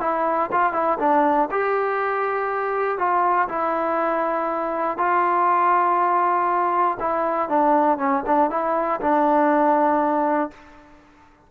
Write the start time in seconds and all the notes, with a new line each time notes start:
0.00 E4
0.52 F4
0.73 E4
0.99 D4
1.51 G4
2.98 F4
3.49 E4
4.98 F4
7.00 E4
7.49 D4
7.98 C#4
8.26 D4
8.50 E4
9.00 D4